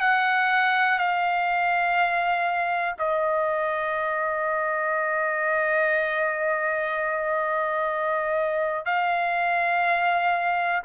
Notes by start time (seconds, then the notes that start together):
0.00 F#5
0.98 F5
2.98 D#5
8.85 F5